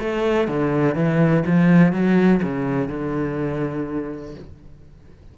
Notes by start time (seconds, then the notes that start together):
0.00 A3
0.48 D3
0.95 E3
1.47 F3
1.93 F#3
2.43 C#3
2.88 D3